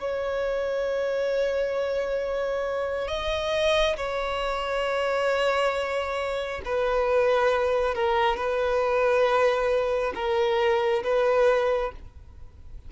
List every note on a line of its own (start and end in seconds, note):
0.00 3.08 C#5
3.08 3.96 D#5
3.97 6.62 C#5
6.65 7.95 B4
7.95 8.37 A#4
8.37 10.13 B4
10.15 11.03 A#4
11.04 11.92 B4